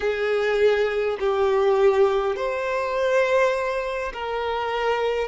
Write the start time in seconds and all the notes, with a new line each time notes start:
0.00 G#4
1.19 G4
2.35 C5
4.13 A#4